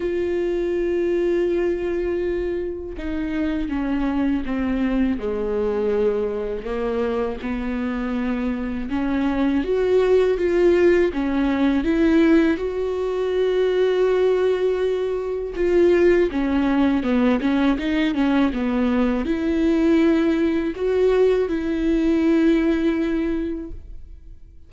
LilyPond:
\new Staff \with { instrumentName = "viola" } { \time 4/4 \tempo 4 = 81 f'1 | dis'4 cis'4 c'4 gis4~ | gis4 ais4 b2 | cis'4 fis'4 f'4 cis'4 |
e'4 fis'2.~ | fis'4 f'4 cis'4 b8 cis'8 | dis'8 cis'8 b4 e'2 | fis'4 e'2. | }